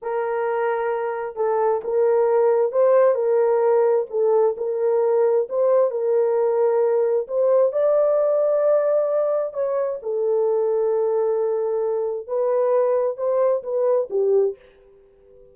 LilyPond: \new Staff \with { instrumentName = "horn" } { \time 4/4 \tempo 4 = 132 ais'2. a'4 | ais'2 c''4 ais'4~ | ais'4 a'4 ais'2 | c''4 ais'2. |
c''4 d''2.~ | d''4 cis''4 a'2~ | a'2. b'4~ | b'4 c''4 b'4 g'4 | }